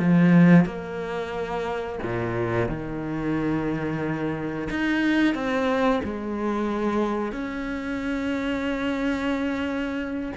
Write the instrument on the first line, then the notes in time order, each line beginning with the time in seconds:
cello
0.00 F3
0.66 A#3
2.03 A#2
2.69 D#3
4.71 D#4
5.35 C4
6.04 G#3
7.33 C#4